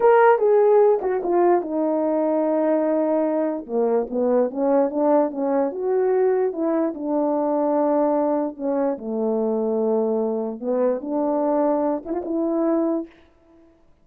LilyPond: \new Staff \with { instrumentName = "horn" } { \time 4/4 \tempo 4 = 147 ais'4 gis'4. fis'8 f'4 | dis'1~ | dis'4 ais4 b4 cis'4 | d'4 cis'4 fis'2 |
e'4 d'2.~ | d'4 cis'4 a2~ | a2 b4 d'4~ | d'4. e'16 f'16 e'2 | }